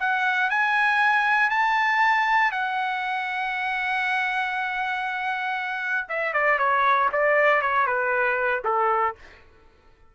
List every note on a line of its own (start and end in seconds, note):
0.00 0.51 F#5
0.51 1.50 G#5
1.50 2.52 A5
2.52 6.08 F#5
6.09 6.34 E5
6.34 6.59 D5
6.59 7.10 C#5
7.13 7.62 D5
7.62 7.87 C#5
7.87 8.63 B4
8.65 9.16 A4